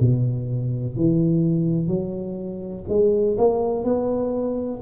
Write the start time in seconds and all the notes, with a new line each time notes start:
0.00 B2
0.96 E3
1.87 F#3
2.88 G#3
3.38 A#3
3.84 B3